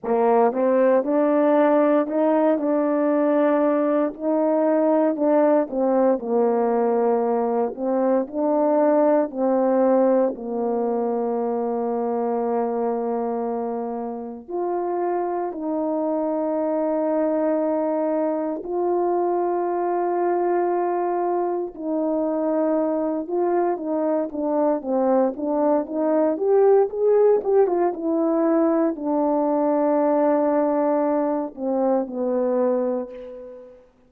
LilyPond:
\new Staff \with { instrumentName = "horn" } { \time 4/4 \tempo 4 = 58 ais8 c'8 d'4 dis'8 d'4. | dis'4 d'8 c'8 ais4. c'8 | d'4 c'4 ais2~ | ais2 f'4 dis'4~ |
dis'2 f'2~ | f'4 dis'4. f'8 dis'8 d'8 | c'8 d'8 dis'8 g'8 gis'8 g'16 f'16 e'4 | d'2~ d'8 c'8 b4 | }